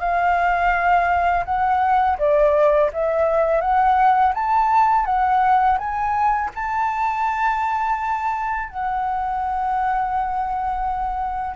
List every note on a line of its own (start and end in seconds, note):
0.00 1.45 F5
1.46 2.18 F#5
2.19 2.91 D5
2.93 3.61 E5
3.61 4.33 F#5
4.35 5.06 A5
5.06 5.78 F#5
5.78 6.51 G#5
6.55 8.70 A5
8.70 11.56 F#5